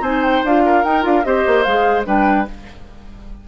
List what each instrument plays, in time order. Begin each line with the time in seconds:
0.00 bassoon C4, clarinet D#4, oboe C5, flute G#5
0.24 flute G5
0.44 bassoon D4, clarinet F4, flute F5
0.65 oboe A#4
0.84 clarinet D#4, bassoon D#4, flute G5
1.02 bassoon D4, clarinet F4, flute F5
1.24 bassoon C4, clarinet G4, oboe C5, flute D#5
1.46 bassoon A#3
1.62 bassoon G#3, clarinet G#4, flute F5
2.05 bassoon G3, clarinet D4, oboe B4, flute G5